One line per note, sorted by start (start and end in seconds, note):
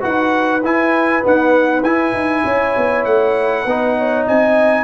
0.00 0.63 D#4
0.00 0.61 F#4
0.00 2.43 B4
0.00 0.63 F#5
0.63 1.23 E4
0.63 1.25 G#5
1.23 1.83 B3
1.23 1.82 D#4
1.23 1.83 F#5
1.82 2.12 E4
1.82 3.67 E4
1.82 3.04 G#5
2.13 2.43 D#4
2.44 2.75 C#4
2.44 3.64 C#5
2.77 3.05 B3
3.04 3.65 A3
3.04 4.26 F#5
3.64 4.26 B3
3.64 4.83 D#4
3.64 3.95 B4
3.97 4.26 C#5
4.26 4.83 C4
4.26 4.83 D#5
4.26 4.83 G#5